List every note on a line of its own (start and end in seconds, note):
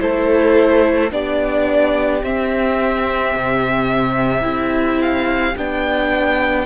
0.00 1.12 A3
0.00 1.11 E4
0.00 1.13 A4
0.00 1.12 C5
1.11 2.23 B3
1.11 2.22 D4
1.11 6.66 G4
1.11 2.24 D5
2.23 3.34 C4
2.23 4.42 C4
2.23 5.02 E5
3.36 4.44 C3
4.42 5.55 C4
4.42 5.53 E4
5.02 5.57 F5
5.57 6.66 B3
5.57 6.66 D4
5.57 6.66 G5